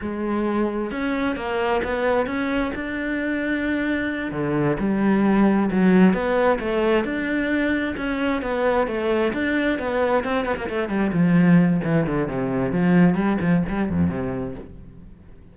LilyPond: \new Staff \with { instrumentName = "cello" } { \time 4/4 \tempo 4 = 132 gis2 cis'4 ais4 | b4 cis'4 d'2~ | d'4. d4 g4.~ | g8 fis4 b4 a4 d'8~ |
d'4. cis'4 b4 a8~ | a8 d'4 b4 c'8 b16 ais16 a8 | g8 f4. e8 d8 c4 | f4 g8 f8 g8 f,8 c4 | }